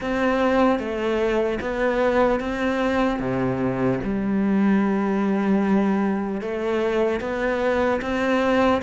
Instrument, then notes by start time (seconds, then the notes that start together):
cello
0.00 C4
0.79 A3
1.60 B3
2.40 C4
3.19 C3
4.03 G3
6.41 A3
7.20 B3
8.01 C4